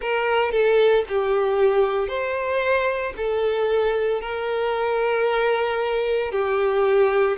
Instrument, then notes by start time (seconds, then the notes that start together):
violin
0.00 A#4
0.51 A4
1.08 G4
2.08 C5
3.16 A4
4.21 A#4
6.31 G4